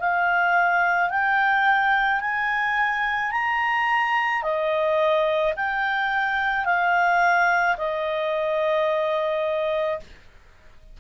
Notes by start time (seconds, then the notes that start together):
0.00 F5
1.11 G5
2.21 G#5
3.32 A#5
4.43 D#5
5.57 G5
6.66 F5
7.78 D#5